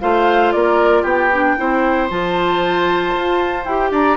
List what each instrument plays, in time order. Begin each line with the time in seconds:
0.00 bassoon A3, clarinet F4, oboe C5, flute F5
0.52 bassoon A#3, oboe A#4, flute D5
1.02 bassoon B3, oboe G4, flute G5
1.32 clarinet D4
1.57 bassoon C4, clarinet E4, oboe C5
2.09 bassoon F3, clarinet F4, flute A5
3.15 bassoon F4
3.64 bassoon E4, clarinet G4, flute G5
3.91 bassoon D4, oboe D5, flute A#5